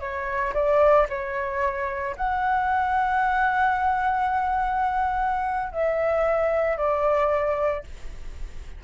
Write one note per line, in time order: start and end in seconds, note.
0.00 0.53 C#5
0.54 1.07 D5
1.09 2.16 C#5
2.17 5.73 F#5
5.73 6.77 E5
6.77 7.83 D5